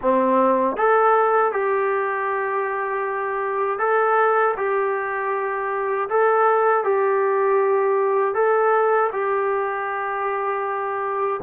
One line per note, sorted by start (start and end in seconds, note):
0.01 0.76 C4
0.76 1.52 A4
1.52 3.78 G4
3.78 4.54 A4
4.56 6.08 G4
6.09 6.84 A4
6.84 8.34 G4
8.34 9.10 A4
9.12 11.40 G4